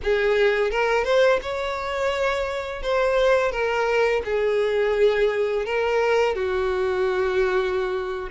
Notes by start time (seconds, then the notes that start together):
0.03 G#4
0.70 A#4
1.04 C5
1.41 C#5
2.82 C5
3.51 A#4
4.24 G#4
5.65 A#4
6.35 F#4